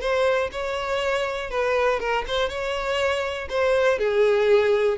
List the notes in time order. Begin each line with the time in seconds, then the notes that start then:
0.00 C5
0.52 C#5
1.50 B4
1.99 A#4
2.27 C5
2.49 C#5
3.49 C5
3.98 G#4